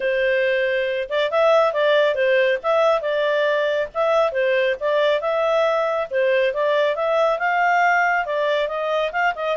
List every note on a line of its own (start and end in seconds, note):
0.00 1.08 C5
1.09 1.30 D5
1.30 1.73 E5
1.73 2.14 D5
2.14 2.58 C5
2.62 3.01 E5
3.01 3.88 D5
3.93 4.32 E5
4.32 4.75 C5
4.79 5.20 D5
5.20 6.07 E5
6.10 6.53 C5
6.53 6.95 D5
6.95 7.38 E5
7.38 8.25 F5
8.25 8.67 D5
8.67 9.11 D#5
9.11 9.33 F5
9.35 9.56 D#5